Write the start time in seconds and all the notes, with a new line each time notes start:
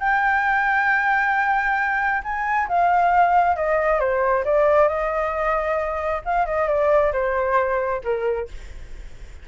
0.00 G5
2.24 G#5
2.68 F5
3.56 D#5
4.00 C5
4.45 D5
4.88 D#5
6.25 F5
6.46 D#5
6.68 D5
7.13 C5
8.04 A#4